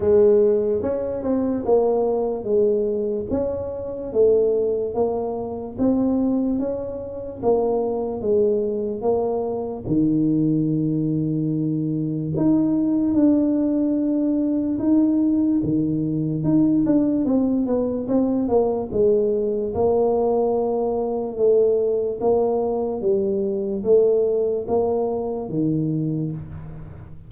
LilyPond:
\new Staff \with { instrumentName = "tuba" } { \time 4/4 \tempo 4 = 73 gis4 cis'8 c'8 ais4 gis4 | cis'4 a4 ais4 c'4 | cis'4 ais4 gis4 ais4 | dis2. dis'4 |
d'2 dis'4 dis4 | dis'8 d'8 c'8 b8 c'8 ais8 gis4 | ais2 a4 ais4 | g4 a4 ais4 dis4 | }